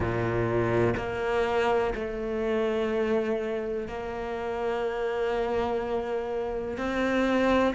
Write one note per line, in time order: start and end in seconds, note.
0.00 0.94 A#2
0.96 1.93 A#3
1.94 3.87 A3
3.87 6.77 A#3
6.77 7.74 C4